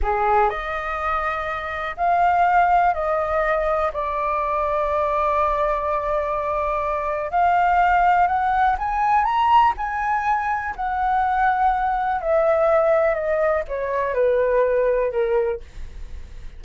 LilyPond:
\new Staff \with { instrumentName = "flute" } { \time 4/4 \tempo 4 = 123 gis'4 dis''2. | f''2 dis''2 | d''1~ | d''2. f''4~ |
f''4 fis''4 gis''4 ais''4 | gis''2 fis''2~ | fis''4 e''2 dis''4 | cis''4 b'2 ais'4 | }